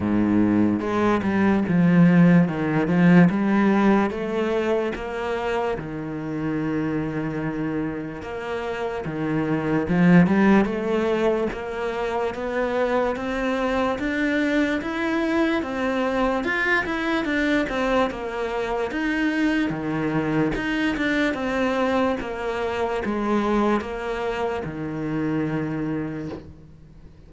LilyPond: \new Staff \with { instrumentName = "cello" } { \time 4/4 \tempo 4 = 73 gis,4 gis8 g8 f4 dis8 f8 | g4 a4 ais4 dis4~ | dis2 ais4 dis4 | f8 g8 a4 ais4 b4 |
c'4 d'4 e'4 c'4 | f'8 e'8 d'8 c'8 ais4 dis'4 | dis4 dis'8 d'8 c'4 ais4 | gis4 ais4 dis2 | }